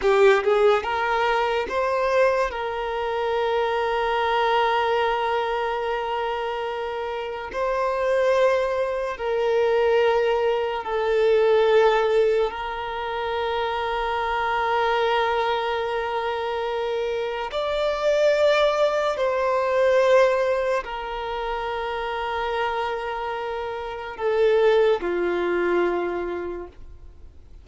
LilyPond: \new Staff \with { instrumentName = "violin" } { \time 4/4 \tempo 4 = 72 g'8 gis'8 ais'4 c''4 ais'4~ | ais'1~ | ais'4 c''2 ais'4~ | ais'4 a'2 ais'4~ |
ais'1~ | ais'4 d''2 c''4~ | c''4 ais'2.~ | ais'4 a'4 f'2 | }